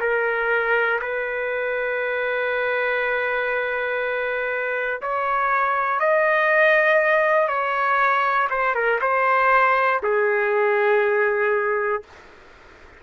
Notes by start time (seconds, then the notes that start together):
0.00 A#4
1.01 B4
5.01 C#5
5.99 D#5
7.48 C#5
8.50 C5
8.75 A#4
9.01 C5
10.03 G#4